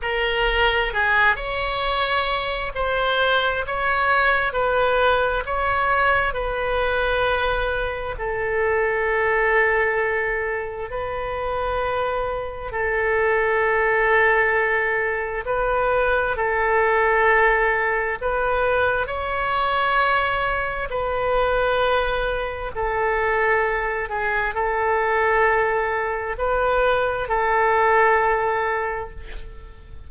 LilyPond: \new Staff \with { instrumentName = "oboe" } { \time 4/4 \tempo 4 = 66 ais'4 gis'8 cis''4. c''4 | cis''4 b'4 cis''4 b'4~ | b'4 a'2. | b'2 a'2~ |
a'4 b'4 a'2 | b'4 cis''2 b'4~ | b'4 a'4. gis'8 a'4~ | a'4 b'4 a'2 | }